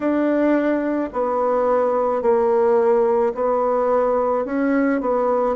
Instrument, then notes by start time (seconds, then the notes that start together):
bassoon
0.00 D4
1.12 B3
2.22 A#3
3.34 B3
4.44 C#4
5.00 B3